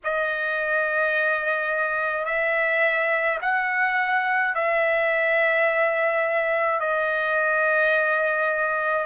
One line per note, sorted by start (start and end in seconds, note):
0.04 2.25 D#5
2.25 3.38 E5
3.41 4.54 F#5
4.54 6.80 E5
6.80 9.06 D#5